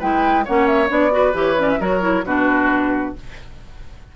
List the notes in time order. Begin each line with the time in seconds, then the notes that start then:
0.00 G#3 E4 B4 G5
0.45 A#3 C#4 C#5 F#5
0.67 E5
0.88 B3 D4 D5
1.11 F#4 B4
1.34 E3 G4 C#5
1.58 C#4 D5
1.70 E5
1.80 F#3 F#4 A#4 C#5
2.01 E4
2.25 B2 D4 F#4 B4